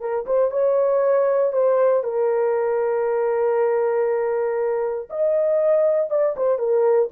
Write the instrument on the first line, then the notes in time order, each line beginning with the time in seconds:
horn
0.00 A#4
0.26 C5
0.51 C#5
1.52 C5
2.03 A#4
5.10 D#5
6.10 D5
6.37 C5
6.58 A#4